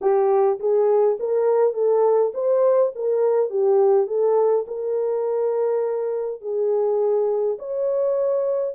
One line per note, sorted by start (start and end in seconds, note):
0.01 0.59 G4
0.59 1.18 G#4
1.19 1.73 A#4
1.73 2.31 A4
2.34 2.92 C5
2.95 3.50 A#4
3.50 4.06 G4
4.06 4.65 A4
4.67 6.41 A#4
6.41 7.57 G#4
7.59 8.75 C#5